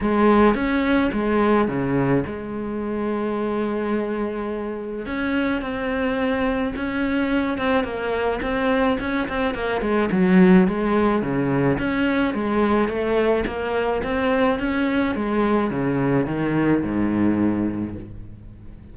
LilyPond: \new Staff \with { instrumentName = "cello" } { \time 4/4 \tempo 4 = 107 gis4 cis'4 gis4 cis4 | gis1~ | gis4 cis'4 c'2 | cis'4. c'8 ais4 c'4 |
cis'8 c'8 ais8 gis8 fis4 gis4 | cis4 cis'4 gis4 a4 | ais4 c'4 cis'4 gis4 | cis4 dis4 gis,2 | }